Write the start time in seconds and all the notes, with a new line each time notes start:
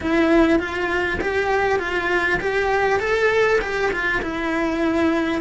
0.01 E4
0.59 F4
1.20 G4
1.79 F4
2.40 G4
2.99 A4
3.61 G4
3.91 F4
4.21 E4